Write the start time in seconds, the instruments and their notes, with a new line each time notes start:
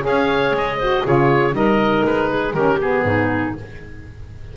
0.00 saxophone G#4, clarinet C#5, oboe F5
0.06 double bass C#4
0.51 double bass G#3
0.57 oboe D#5
0.78 saxophone F#4, clarinet C5
1.04 double bass C#3, saxophone F4, clarinet G#4, oboe C#5
1.52 double bass G3, saxophone D#4, clarinet A#4, oboe D#5
2.04 double bass G#3, oboe B4
2.30 clarinet G#4
2.53 double bass D#3, saxophone C#4, clarinet G4, oboe A#4
2.81 saxophone B3, oboe G#4
3.03 double bass G#2, clarinet D#4